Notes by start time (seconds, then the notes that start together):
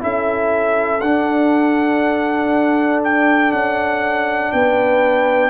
0.00 C#4 E4 A4 E5
1.01 D4 F#5
3.05 G5
3.53 C#4 F#5
4.53 B3 B4 G5